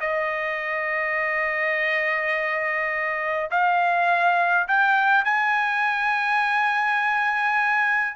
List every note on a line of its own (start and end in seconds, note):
0.00 3.50 D#5
3.51 4.67 F5
4.68 5.25 G5
5.25 8.16 G#5